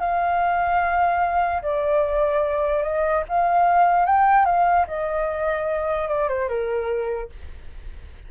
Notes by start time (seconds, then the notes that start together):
0.00 F5
1.63 D5
2.83 D#5
3.29 F5
4.06 G5
4.46 F5
4.87 D#5
6.08 D5
6.29 C5
6.49 A#4